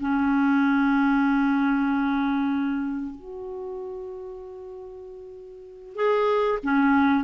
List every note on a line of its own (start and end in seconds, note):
0.00 3.15 C#4
3.15 5.96 F#4
5.96 6.59 G#4
6.63 7.24 C#4